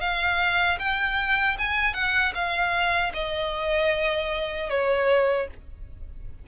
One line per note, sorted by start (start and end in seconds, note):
0.00 0.78 F5
0.79 1.57 G5
1.58 1.94 G#5
1.94 2.33 F#5
2.34 3.12 F5
3.13 4.69 D#5
4.69 5.47 C#5